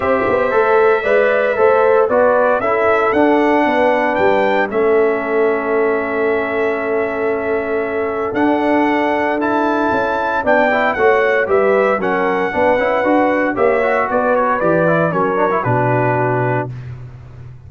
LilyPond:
<<
  \new Staff \with { instrumentName = "trumpet" } { \time 4/4 \tempo 4 = 115 e''1 | d''4 e''4 fis''2 | g''4 e''2.~ | e''1 |
fis''2 a''2 | g''4 fis''4 e''4 fis''4~ | fis''2 e''4 d''8 cis''8 | d''4 cis''4 b'2 | }
  \new Staff \with { instrumentName = "horn" } { \time 4/4 c''2 d''4 c''4 | b'4 a'2 b'4~ | b'4 a'2.~ | a'1~ |
a'1 | d''4 cis''4 b'4 ais'4 | b'2 cis''4 b'4~ | b'4 ais'4 fis'2 | }
  \new Staff \with { instrumentName = "trombone" } { \time 4/4 g'4 a'4 b'4 a'4 | fis'4 e'4 d'2~ | d'4 cis'2.~ | cis'1 |
d'2 e'2 | d'8 e'8 fis'4 g'4 cis'4 | d'8 e'8 fis'4 g'8 fis'4. | g'8 e'8 cis'8 d'16 e'16 d'2 | }
  \new Staff \with { instrumentName = "tuba" } { \time 4/4 c'8 b8 a4 gis4 a4 | b4 cis'4 d'4 b4 | g4 a2.~ | a1 |
d'2. cis'4 | b4 a4 g4 fis4 | b8 cis'8 d'4 ais4 b4 | e4 fis4 b,2 | }
>>